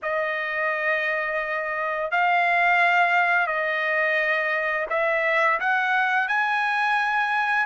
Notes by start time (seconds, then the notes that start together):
0.02 D#5
2.11 F5
3.47 D#5
4.89 E5
5.60 F#5
6.28 G#5